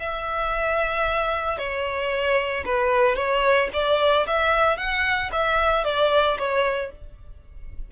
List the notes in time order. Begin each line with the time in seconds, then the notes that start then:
0.00 E5
1.59 C#5
2.65 B4
3.16 C#5
3.74 D5
4.27 E5
4.78 F#5
5.32 E5
5.85 D5
6.39 C#5